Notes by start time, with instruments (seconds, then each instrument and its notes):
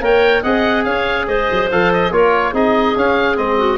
0.00 tuba A#3, trombone A#4, clarinet C#5, oboe G5
0.43 tuba C4, trombone G#4, clarinet D#5, oboe F#5
0.85 tuba C#4, clarinet C#5, oboe F5
1.28 tuba G#3, clarinet C5, oboe D#5
1.52 tuba F#3
1.72 tuba F3, trombone A4, oboe F5
1.93 oboe D#5
2.11 tuba A#3, trombone F4, clarinet A#4, oboe C#5
2.53 tuba C4, trombone D#4, clarinet G#4, oboe D#5
2.96 tuba C#4, trombone C#4, oboe F5
3.36 tuba G#3, trombone C4, oboe D#5
3.58 clarinet F#4